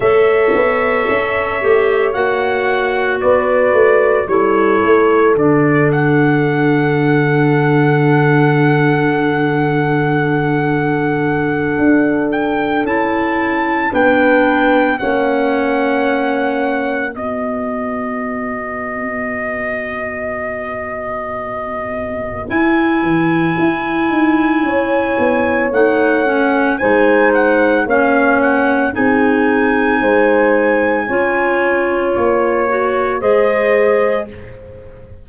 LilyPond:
<<
  \new Staff \with { instrumentName = "trumpet" } { \time 4/4 \tempo 4 = 56 e''2 fis''4 d''4 | cis''4 d''8 fis''2~ fis''8~ | fis''2.~ fis''8 g''8 | a''4 g''4 fis''2 |
dis''1~ | dis''4 gis''2. | fis''4 gis''8 fis''8 f''8 fis''8 gis''4~ | gis''2 cis''4 dis''4 | }
  \new Staff \with { instrumentName = "horn" } { \time 4/4 cis''2. b'4 | a'1~ | a'1~ | a'4 b'4 cis''2 |
b'1~ | b'2. cis''4~ | cis''4 c''4 cis''4 gis'4 | c''4 cis''2 c''4 | }
  \new Staff \with { instrumentName = "clarinet" } { \time 4/4 a'4. g'8 fis'2 | e'4 d'2.~ | d'1 | e'4 d'4 cis'2 |
fis'1~ | fis'4 e'2. | dis'8 cis'8 dis'4 cis'4 dis'4~ | dis'4 f'4. fis'8 gis'4 | }
  \new Staff \with { instrumentName = "tuba" } { \time 4/4 a8 b8 cis'8 a8 ais4 b8 a8 | g8 a8 d2.~ | d2. d'4 | cis'4 b4 ais2 |
b1~ | b4 e'8 e8 e'8 dis'8 cis'8 b8 | a4 gis4 ais4 c'4 | gis4 cis'4 ais4 gis4 | }
>>